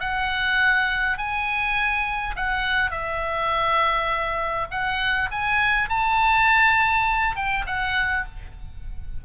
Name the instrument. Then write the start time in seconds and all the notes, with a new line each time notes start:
oboe
0.00 F#5
1.17 G#5
2.36 F#5
2.91 E5
4.71 F#5
5.31 G#5
5.89 A5
7.36 G5
7.66 F#5